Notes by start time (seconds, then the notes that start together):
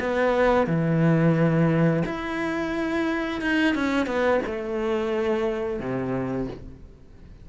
0.00 B3
0.67 E3
2.06 E4
3.42 D#4
3.75 C#4
4.07 B3
4.46 A3
5.80 C3